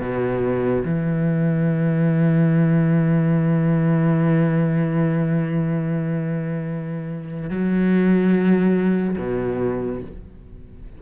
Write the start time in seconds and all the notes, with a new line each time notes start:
0.00 B2
0.84 E3
7.50 F#3
9.18 B2